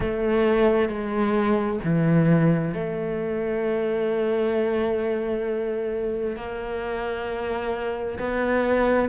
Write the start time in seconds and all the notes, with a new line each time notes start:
0.00 A3
0.88 G#3
1.84 E3
2.74 A3
6.36 A#3
8.18 B3